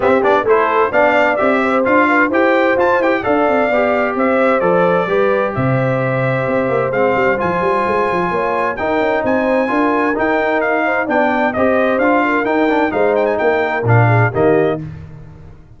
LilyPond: <<
  \new Staff \with { instrumentName = "trumpet" } { \time 4/4 \tempo 4 = 130 e''8 d''8 c''4 f''4 e''4 | f''4 g''4 a''8 g''8 f''4~ | f''4 e''4 d''2 | e''2. f''4 |
gis''2. g''4 | gis''2 g''4 f''4 | g''4 dis''4 f''4 g''4 | f''8 g''16 gis''16 g''4 f''4 dis''4 | }
  \new Staff \with { instrumentName = "horn" } { \time 4/4 g'4 a'4 d''4. c''8~ | c''8 b'8 c''2 d''4~ | d''4 c''2 b'4 | c''1~ |
c''2 cis''4 ais'4 | c''4 ais'2~ ais'8 c''8 | d''4 c''4. ais'4. | c''4 ais'4. gis'8 g'4 | }
  \new Staff \with { instrumentName = "trombone" } { \time 4/4 c'8 d'8 e'4 d'4 g'4 | f'4 g'4 f'8 g'8 a'4 | g'2 a'4 g'4~ | g'2. c'4 |
f'2. dis'4~ | dis'4 f'4 dis'2 | d'4 g'4 f'4 dis'8 d'8 | dis'2 d'4 ais4 | }
  \new Staff \with { instrumentName = "tuba" } { \time 4/4 c'8 b8 a4 b4 c'4 | d'4 e'4 f'8 e'8 d'8 c'8 | b4 c'4 f4 g4 | c2 c'8 ais8 gis8 g8 |
f8 g8 gis8 f8 ais4 dis'8 cis'8 | c'4 d'4 dis'2 | b4 c'4 d'4 dis'4 | gis4 ais4 ais,4 dis4 | }
>>